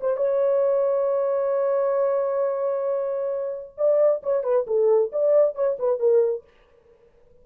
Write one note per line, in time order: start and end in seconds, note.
0.00 0.16 C5
0.16 3.72 C#5
3.77 4.21 D5
4.23 4.43 C#5
4.43 4.65 B4
4.66 5.11 A4
5.12 5.54 D5
5.54 5.77 C#5
5.79 5.99 B4
5.99 6.43 A#4